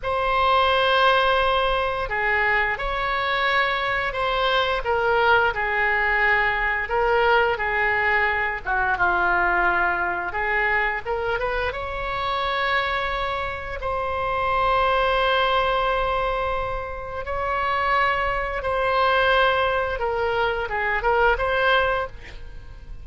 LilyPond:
\new Staff \with { instrumentName = "oboe" } { \time 4/4 \tempo 4 = 87 c''2. gis'4 | cis''2 c''4 ais'4 | gis'2 ais'4 gis'4~ | gis'8 fis'8 f'2 gis'4 |
ais'8 b'8 cis''2. | c''1~ | c''4 cis''2 c''4~ | c''4 ais'4 gis'8 ais'8 c''4 | }